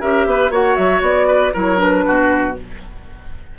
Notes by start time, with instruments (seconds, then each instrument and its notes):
0.00 bassoon C#4, clarinet G4, oboe A#4, flute E5
0.26 bassoon B3, oboe B4
0.50 bassoon A#3, clarinet F#4, oboe C#5, flute F#5
0.75 bassoon F#3, flute E5
1.01 bassoon B3, flute D5
1.27 oboe B4
1.53 bassoon F#3, clarinet E4, oboe A#4, flute C#5
1.77 clarinet D4, flute B4
2.06 bassoon B2, oboe F#4